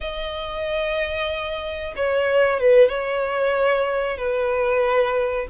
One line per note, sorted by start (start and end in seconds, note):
0.00 1.94 D#5
1.96 2.60 C#5
2.60 2.89 B4
2.89 4.17 C#5
4.17 5.46 B4